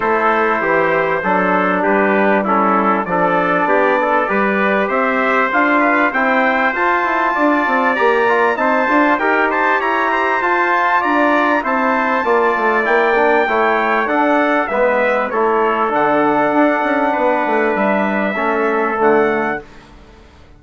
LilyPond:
<<
  \new Staff \with { instrumentName = "trumpet" } { \time 4/4 \tempo 4 = 98 c''2. b'4 | a'4 d''2. | e''4 f''4 g''4 a''4~ | a''4 ais''4 a''4 g''8 a''8 |
ais''4 a''4 ais''4 a''4~ | a''4 g''2 fis''4 | e''4 cis''4 fis''2~ | fis''4 e''2 fis''4 | }
  \new Staff \with { instrumentName = "trumpet" } { \time 4/4 a'4 g'4 a'4 g'4 | e'4 a'4 g'8 a'8 b'4 | c''4. b'8 c''2 | d''2 c''4 ais'8 c''8 |
cis''8 c''4. d''4 c''4 | d''2 cis''4 a'4 | b'4 a'2. | b'2 a'2 | }
  \new Staff \with { instrumentName = "trombone" } { \time 4/4 e'2 d'2 | cis'4 d'2 g'4~ | g'4 f'4 e'4 f'4~ | f'4 g'8 f'8 dis'8 f'8 g'4~ |
g'4 f'2 e'4 | f'4 e'8 d'8 e'4 d'4 | b4 e'4 d'2~ | d'2 cis'4 a4 | }
  \new Staff \with { instrumentName = "bassoon" } { \time 4/4 a4 e4 fis4 g4~ | g4 f4 b4 g4 | c'4 d'4 c'4 f'8 e'8 | d'8 c'8 ais4 c'8 d'8 dis'4 |
e'4 f'4 d'4 c'4 | ais8 a8 ais4 a4 d'4 | gis4 a4 d4 d'8 cis'8 | b8 a8 g4 a4 d4 | }
>>